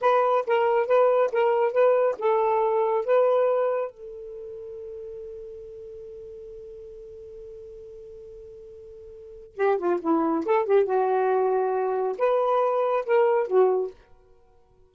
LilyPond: \new Staff \with { instrumentName = "saxophone" } { \time 4/4 \tempo 4 = 138 b'4 ais'4 b'4 ais'4 | b'4 a'2 b'4~ | b'4 a'2.~ | a'1~ |
a'1~ | a'2 g'8 f'8 e'4 | a'8 g'8 fis'2. | b'2 ais'4 fis'4 | }